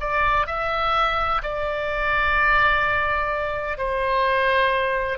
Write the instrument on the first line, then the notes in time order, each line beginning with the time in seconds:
oboe
0.00 D5
0.46 E5
1.42 D5
3.77 C5